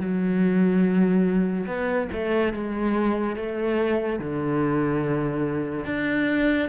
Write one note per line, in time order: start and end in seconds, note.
0.00 1.67 F#3
1.67 2.09 B3
2.12 2.53 A3
2.53 3.36 G#3
3.36 4.19 A3
4.19 5.86 D3
5.86 6.69 D4